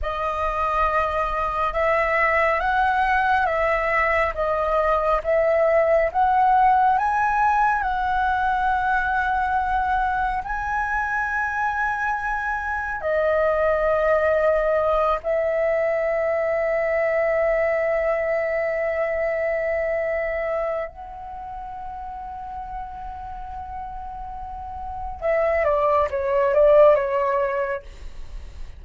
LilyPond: \new Staff \with { instrumentName = "flute" } { \time 4/4 \tempo 4 = 69 dis''2 e''4 fis''4 | e''4 dis''4 e''4 fis''4 | gis''4 fis''2. | gis''2. dis''4~ |
dis''4. e''2~ e''8~ | e''1 | fis''1~ | fis''4 e''8 d''8 cis''8 d''8 cis''4 | }